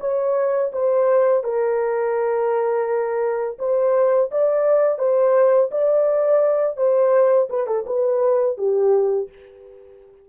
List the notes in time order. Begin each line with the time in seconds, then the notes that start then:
0.00 C#5
0.72 C5
1.44 A#4
3.59 C5
4.31 D5
4.99 C5
5.71 D5
6.77 C5
7.50 B4
7.67 A4
7.87 B4
8.58 G4